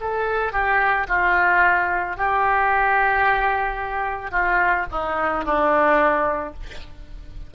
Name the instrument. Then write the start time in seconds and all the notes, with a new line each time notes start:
oboe
0.00 A4
0.52 G4
1.08 F4
2.17 G4
4.31 F4
4.91 D#4
5.44 D4